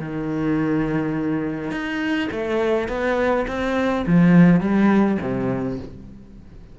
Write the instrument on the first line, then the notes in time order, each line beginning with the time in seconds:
cello
0.00 D#3
1.72 D#4
2.32 A3
2.89 B3
3.48 C4
4.07 F3
4.61 G3
5.21 C3